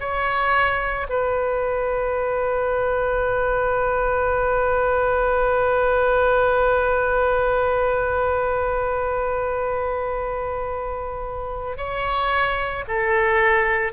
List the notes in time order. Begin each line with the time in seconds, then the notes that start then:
0.00 C#5
1.09 B4
11.77 C#5
12.88 A4